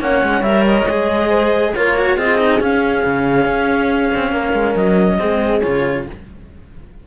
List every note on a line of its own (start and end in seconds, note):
0.00 0.22 A#3
0.00 0.43 C#4
0.00 1.29 C#5
0.00 0.42 F#5
0.23 0.42 G#3
0.42 0.85 G3
0.42 0.87 A#4
0.42 0.64 E5
0.66 1.74 D#5
0.86 1.72 G#3
0.86 1.76 G#4
1.29 1.73 C5
1.75 2.17 A#3
1.75 1.97 F4
1.75 2.16 A#4
1.75 2.18 C#5
1.97 2.18 F#4
2.16 2.61 C4
2.16 2.39 F4
2.16 4.32 G#4
2.16 2.62 D#5
2.39 2.60 D#4
2.60 5.18 C#4
2.60 3.04 C#4
2.60 4.76 F5
3.04 3.46 C#3
3.46 4.10 C#4
4.14 4.32 C4
4.32 4.53 A#3
4.32 5.18 A#4
4.53 4.75 G#3
4.76 5.19 F#3
4.76 5.61 D#5
5.18 5.64 G#3
5.18 5.62 C4
5.18 6.06 G#4
5.61 6.07 C#3
5.61 6.06 F4
5.61 6.04 C#5